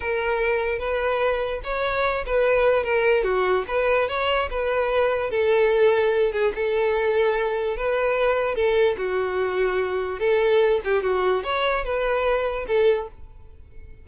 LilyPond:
\new Staff \with { instrumentName = "violin" } { \time 4/4 \tempo 4 = 147 ais'2 b'2 | cis''4. b'4. ais'4 | fis'4 b'4 cis''4 b'4~ | b'4 a'2~ a'8 gis'8 |
a'2. b'4~ | b'4 a'4 fis'2~ | fis'4 a'4. g'8 fis'4 | cis''4 b'2 a'4 | }